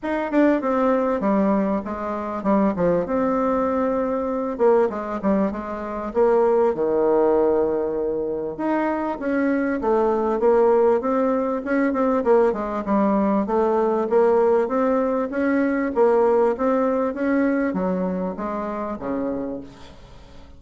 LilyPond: \new Staff \with { instrumentName = "bassoon" } { \time 4/4 \tempo 4 = 98 dis'8 d'8 c'4 g4 gis4 | g8 f8 c'2~ c'8 ais8 | gis8 g8 gis4 ais4 dis4~ | dis2 dis'4 cis'4 |
a4 ais4 c'4 cis'8 c'8 | ais8 gis8 g4 a4 ais4 | c'4 cis'4 ais4 c'4 | cis'4 fis4 gis4 cis4 | }